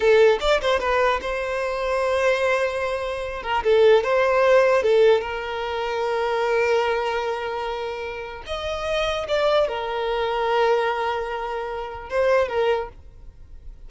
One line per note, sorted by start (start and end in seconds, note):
0.00 0.38 A4
0.40 0.60 D5
0.61 0.79 C5
0.79 1.20 B4
1.21 3.42 C5
3.42 3.63 A#4
3.63 4.03 A4
4.03 4.82 C5
4.82 5.21 A4
5.21 8.43 A#4
8.46 9.27 D#5
9.27 9.68 D5
9.68 12.09 A#4
12.09 12.48 C5
12.48 12.88 A#4